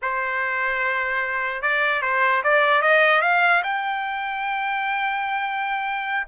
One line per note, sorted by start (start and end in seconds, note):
0.01 1.62 C5
1.62 2.02 D5
2.02 2.42 C5
2.43 2.82 D5
2.82 3.21 D#5
3.21 3.62 F5
3.63 6.26 G5